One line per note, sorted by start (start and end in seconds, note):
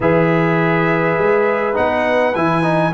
0.00 1.17 E3
0.00 1.74 G#4
0.00 2.93 B4
0.00 1.76 E5
1.18 1.77 G#3
1.74 2.35 B3
1.74 2.32 D#4
1.74 2.35 F#5
2.35 2.93 E3
2.35 2.62 E4
2.35 2.93 G#5
2.62 2.92 D#4